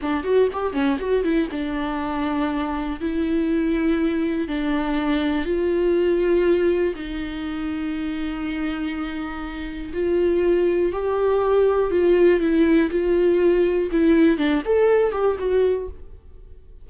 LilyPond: \new Staff \with { instrumentName = "viola" } { \time 4/4 \tempo 4 = 121 d'8 fis'8 g'8 cis'8 fis'8 e'8 d'4~ | d'2 e'2~ | e'4 d'2 f'4~ | f'2 dis'2~ |
dis'1 | f'2 g'2 | f'4 e'4 f'2 | e'4 d'8 a'4 g'8 fis'4 | }